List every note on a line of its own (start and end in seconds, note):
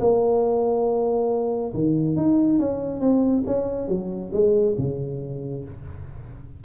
0.00 1.73 A#3
1.74 2.16 D#3
2.16 2.59 D#4
2.59 3.01 C#4
3.01 3.44 C4
3.46 3.88 C#4
3.88 4.31 F#3
4.33 4.76 G#3
4.78 5.64 C#3